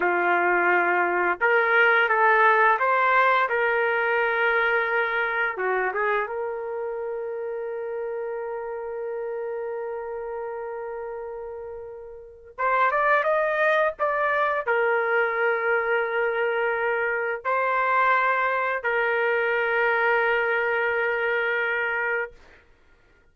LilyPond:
\new Staff \with { instrumentName = "trumpet" } { \time 4/4 \tempo 4 = 86 f'2 ais'4 a'4 | c''4 ais'2. | fis'8 gis'8 ais'2.~ | ais'1~ |
ais'2 c''8 d''8 dis''4 | d''4 ais'2.~ | ais'4 c''2 ais'4~ | ais'1 | }